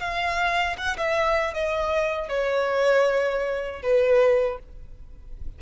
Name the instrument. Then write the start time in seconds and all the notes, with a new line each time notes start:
violin
0.00 F5
0.78 F#5
0.98 E5
1.54 D#5
2.29 C#5
3.83 B4